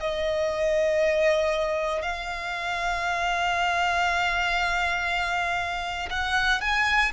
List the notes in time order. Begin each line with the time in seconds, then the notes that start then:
0.00 D#5
2.02 F5
6.10 F#5
6.61 G#5